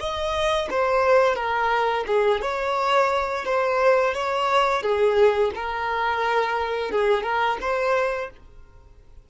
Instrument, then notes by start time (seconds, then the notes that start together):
violin
0.00 D#5
0.71 C5
1.36 A#4
2.07 G#4
2.42 C#5
3.45 C5
4.14 C#5
4.83 G#4
5.55 A#4
6.92 G#4
7.23 A#4
7.61 C5